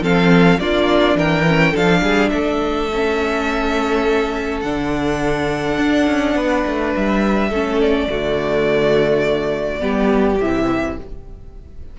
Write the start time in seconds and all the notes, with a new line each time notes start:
0.00 F3 C4 A4 F5
0.59 A#3 D4 F4 D5
1.15 E3 A#4 G5
1.47 C#4
1.71 F3 D4 A4 F5
2.01 G3 G#4
2.29 A3 A4 E5
2.93 C#4
4.61 D3 D4 F#5
5.78 D4
6.06 C#4
6.35 B3 B4
6.66 A3
6.96 G3 E5
7.50 A3 C#4 A4
7.81 D5
8.08 D3 A3 F#4
9.80 G3 B3 G4
10.39 C3 E3 E5